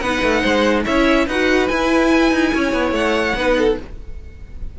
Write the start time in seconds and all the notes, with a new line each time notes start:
0.00 B3 D#4 B4 F#5
0.22 A3
0.41 G#3 C5
0.84 C#4 E4 C#5 E5
1.26 D#4 F#4 B4 F#5
1.68 E4 G#5
2.31 D#4
2.54 C#4 C#5
2.73 B3
2.91 A3 F#5
3.35 B3 D#4 B4
3.58 A4